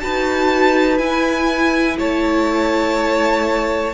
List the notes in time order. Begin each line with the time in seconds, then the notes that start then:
0.00 D#4 F#4 B4 A5
0.98 E4 G#5
1.98 A3 C#5 A5